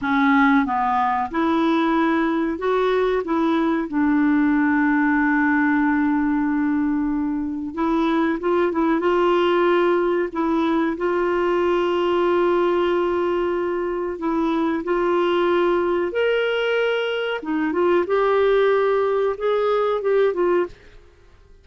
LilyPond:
\new Staff \with { instrumentName = "clarinet" } { \time 4/4 \tempo 4 = 93 cis'4 b4 e'2 | fis'4 e'4 d'2~ | d'1 | e'4 f'8 e'8 f'2 |
e'4 f'2.~ | f'2 e'4 f'4~ | f'4 ais'2 dis'8 f'8 | g'2 gis'4 g'8 f'8 | }